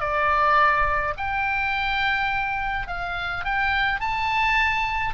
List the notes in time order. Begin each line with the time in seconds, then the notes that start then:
0.00 D5
1.17 G5
2.88 F5
3.45 G5
4.00 A5